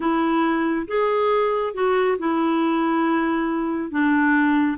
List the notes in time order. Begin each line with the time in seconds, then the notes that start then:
0.00 E4
0.87 G#4
1.74 F#4
2.18 E4
3.90 D4